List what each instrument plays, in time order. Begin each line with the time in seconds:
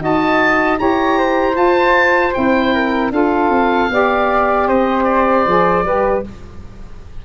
0.00 tuba D#4, saxophone F#4, flute D#5, oboe A5
0.78 tuba E4, saxophone G4, flute C#5, oboe A#5
1.18 flute C5
1.53 saxophone F4, tuba F4, oboe A5
2.33 tuba C4, saxophone E4, oboe G5
2.74 flute A#4
3.11 tuba D4, saxophone F4, flute A4, oboe F5
3.50 tuba C4
3.90 tuba B3, saxophone G4, flute D5
4.68 tuba C4, flute C5, oboe D#5
5.04 oboe D5
5.46 tuba F3, saxophone G#4
5.84 tuba G3, saxophone G4, flute B4